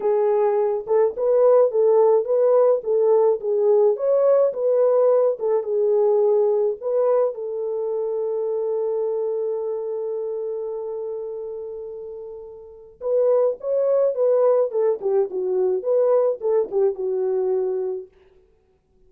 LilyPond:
\new Staff \with { instrumentName = "horn" } { \time 4/4 \tempo 4 = 106 gis'4. a'8 b'4 a'4 | b'4 a'4 gis'4 cis''4 | b'4. a'8 gis'2 | b'4 a'2.~ |
a'1~ | a'2. b'4 | cis''4 b'4 a'8 g'8 fis'4 | b'4 a'8 g'8 fis'2 | }